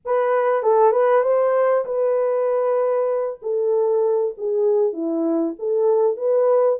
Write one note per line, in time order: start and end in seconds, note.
0.04 0.62 B4
0.62 0.91 A4
0.91 1.22 B4
1.22 1.84 C5
1.85 3.39 B4
3.42 4.34 A4
4.37 4.92 G#4
4.92 5.54 E4
5.58 6.16 A4
6.16 6.78 B4